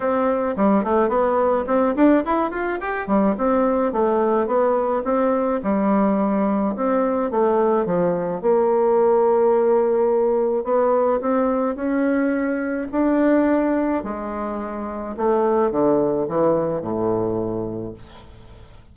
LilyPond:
\new Staff \with { instrumentName = "bassoon" } { \time 4/4 \tempo 4 = 107 c'4 g8 a8 b4 c'8 d'8 | e'8 f'8 g'8 g8 c'4 a4 | b4 c'4 g2 | c'4 a4 f4 ais4~ |
ais2. b4 | c'4 cis'2 d'4~ | d'4 gis2 a4 | d4 e4 a,2 | }